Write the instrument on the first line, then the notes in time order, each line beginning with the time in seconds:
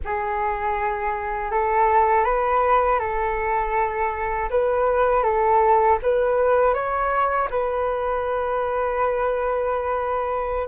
flute
0.04 G#4
1.51 A4
2.24 B4
2.99 A4
4.50 B4
5.23 A4
6.02 B4
6.74 C#5
7.50 B4